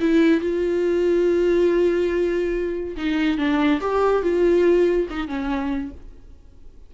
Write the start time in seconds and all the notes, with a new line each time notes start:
0.00 E4
0.41 F4
2.96 D#4
3.38 D4
3.81 G4
4.22 F4
5.10 D#4
5.28 C#4